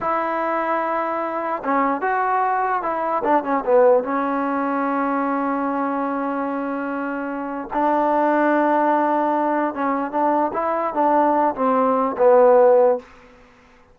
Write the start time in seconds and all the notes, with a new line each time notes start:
0.00 E4
1.64 C#4
2.01 F#4
2.82 E4
3.24 D4
3.43 C#4
3.65 B3
4.03 C#4
7.73 D4
9.74 C#4
10.11 D4
10.53 E4
10.93 D4
11.55 C4
12.17 B3